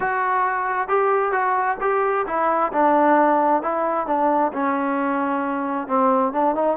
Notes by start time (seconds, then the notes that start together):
0.00 F#4
0.88 G4
1.32 F#4
1.80 G4
2.27 E4
2.72 D4
3.62 E4
4.06 D4
4.52 C#4
5.87 C4
6.33 D4
6.55 D#4